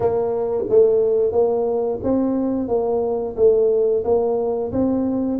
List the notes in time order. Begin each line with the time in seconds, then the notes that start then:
0.00 A#3
0.69 A3
1.31 A#3
2.03 C4
2.68 A#3
3.36 A3
4.04 A#3
4.72 C4